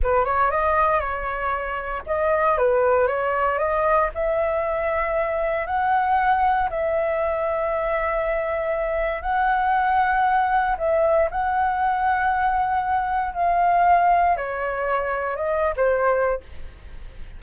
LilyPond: \new Staff \with { instrumentName = "flute" } { \time 4/4 \tempo 4 = 117 b'8 cis''8 dis''4 cis''2 | dis''4 b'4 cis''4 dis''4 | e''2. fis''4~ | fis''4 e''2.~ |
e''2 fis''2~ | fis''4 e''4 fis''2~ | fis''2 f''2 | cis''2 dis''8. c''4~ c''16 | }